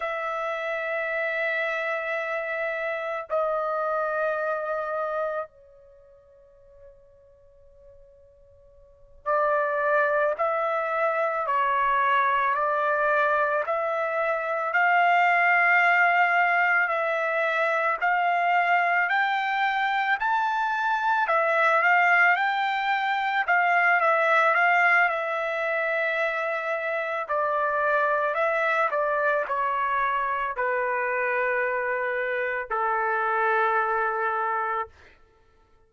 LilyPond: \new Staff \with { instrumentName = "trumpet" } { \time 4/4 \tempo 4 = 55 e''2. dis''4~ | dis''4 cis''2.~ | cis''8 d''4 e''4 cis''4 d''8~ | d''8 e''4 f''2 e''8~ |
e''8 f''4 g''4 a''4 e''8 | f''8 g''4 f''8 e''8 f''8 e''4~ | e''4 d''4 e''8 d''8 cis''4 | b'2 a'2 | }